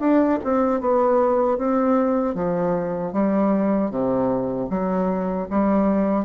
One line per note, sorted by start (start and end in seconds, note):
0.00 0.39 D4
0.44 0.81 C4
0.81 1.58 B3
1.58 2.35 C4
2.35 3.13 F3
3.13 3.91 G3
3.91 4.69 C3
4.70 5.48 F#3
5.50 6.25 G3